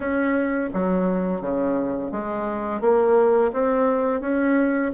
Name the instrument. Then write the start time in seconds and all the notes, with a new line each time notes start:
bassoon
0.00 C#4
0.73 F#3
1.41 C#3
2.11 G#3
2.80 A#3
3.52 C4
4.21 C#4